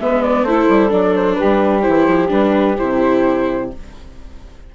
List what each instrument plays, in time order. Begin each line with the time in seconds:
0.00 bassoon G#3, viola B3, saxophone B4, flute E5
0.23 flute D5
0.43 bassoon A3, viola E4, saxophone A4, flute C5
0.69 bassoon G3
0.89 bassoon F#3, viola D4, flute D5
1.15 flute C5
1.34 saxophone G4, flute B4
1.43 bassoon G3
1.82 bassoon E3, viola E4, flute C5
2.07 bassoon F3
2.28 bassoon G3, viola D4, flute B4
2.78 bassoon C3, viola E4, flute C5